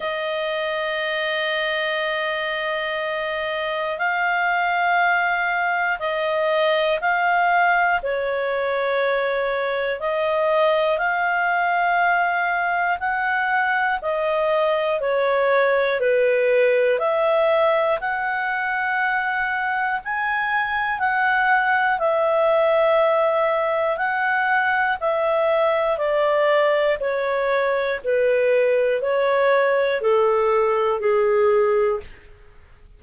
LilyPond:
\new Staff \with { instrumentName = "clarinet" } { \time 4/4 \tempo 4 = 60 dis''1 | f''2 dis''4 f''4 | cis''2 dis''4 f''4~ | f''4 fis''4 dis''4 cis''4 |
b'4 e''4 fis''2 | gis''4 fis''4 e''2 | fis''4 e''4 d''4 cis''4 | b'4 cis''4 a'4 gis'4 | }